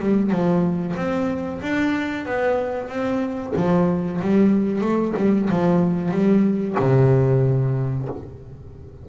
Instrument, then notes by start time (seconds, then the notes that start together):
double bass
0.00 G3
0.31 F3
0.96 C4
1.62 D4
2.26 B3
2.89 C4
3.56 F3
4.21 G3
4.82 A3
5.17 G3
5.50 F3
6.11 G3
6.79 C3